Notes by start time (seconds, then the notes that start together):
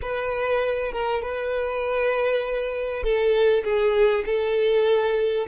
0.01 B4
0.91 A#4
1.22 B4
3.03 A4
3.64 G#4
4.25 A4